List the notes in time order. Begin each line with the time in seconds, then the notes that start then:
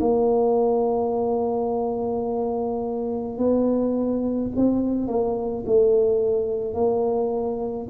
0.00 A#3
3.38 B3
4.56 C4
5.07 A#3
5.66 A3
6.74 A#3